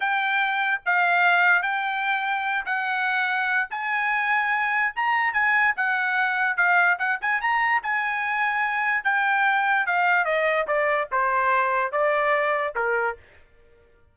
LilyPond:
\new Staff \with { instrumentName = "trumpet" } { \time 4/4 \tempo 4 = 146 g''2 f''2 | g''2~ g''8 fis''4.~ | fis''4 gis''2. | ais''4 gis''4 fis''2 |
f''4 fis''8 gis''8 ais''4 gis''4~ | gis''2 g''2 | f''4 dis''4 d''4 c''4~ | c''4 d''2 ais'4 | }